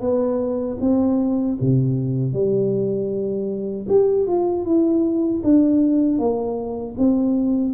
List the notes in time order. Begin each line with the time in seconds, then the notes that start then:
0.00 B3
0.80 C4
1.60 C3
2.33 G3
3.88 G4
4.27 F4
4.65 E4
5.43 D4
6.18 A#3
6.97 C4